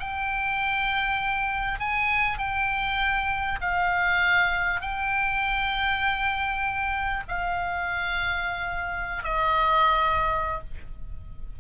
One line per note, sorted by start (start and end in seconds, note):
0.00 1.79 G5
1.79 2.38 G#5
2.38 3.60 G5
3.61 4.81 F5
4.81 7.24 G5
7.28 9.24 F5
9.24 10.60 D#5